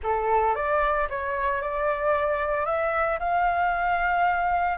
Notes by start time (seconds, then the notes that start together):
0.03 A4
0.55 D5
1.09 C#5
1.61 D5
2.65 E5
3.19 F5